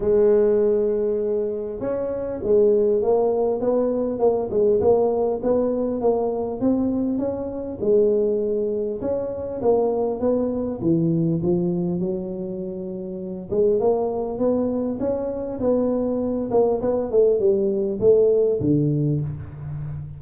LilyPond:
\new Staff \with { instrumentName = "tuba" } { \time 4/4 \tempo 4 = 100 gis2. cis'4 | gis4 ais4 b4 ais8 gis8 | ais4 b4 ais4 c'4 | cis'4 gis2 cis'4 |
ais4 b4 e4 f4 | fis2~ fis8 gis8 ais4 | b4 cis'4 b4. ais8 | b8 a8 g4 a4 d4 | }